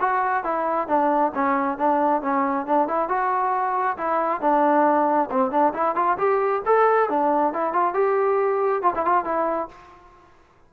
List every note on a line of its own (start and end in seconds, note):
0.00 0.44 F#4
0.44 0.88 E4
0.88 1.32 D4
1.35 1.78 C#4
1.78 2.22 D4
2.22 2.66 C#4
2.66 2.87 D4
2.87 3.09 E4
3.09 3.97 F#4
3.97 4.41 E4
4.41 5.29 D4
5.31 5.51 C4
5.51 5.73 D4
5.74 5.95 E4
5.95 6.17 F4
6.18 6.62 G4
6.66 7.09 A4
7.09 7.53 D4
7.53 7.73 E4
7.73 7.94 F4
7.94 8.82 G4
8.82 8.93 F4
8.95 9.05 E4
9.05 9.24 F4
9.24 9.69 E4